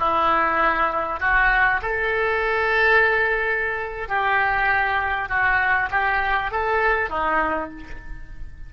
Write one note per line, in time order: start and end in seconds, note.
0.00 1.20 E4
1.20 1.81 F#4
1.82 4.09 A4
4.09 5.29 G4
5.29 5.90 F#4
5.91 6.52 G4
6.52 7.10 A4
7.10 7.71 D#4